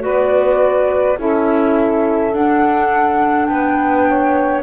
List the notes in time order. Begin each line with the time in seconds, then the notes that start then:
0.00 B3 F#4 B4 D5
1.19 C#4 E4 A4 E5
2.33 D4 F#5
3.46 B3 B4 G5
4.08 C#5